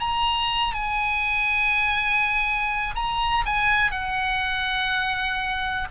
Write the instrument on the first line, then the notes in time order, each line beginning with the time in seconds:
oboe
0.00 A#5
0.74 G#5
2.95 A#5
3.46 G#5
3.91 F#5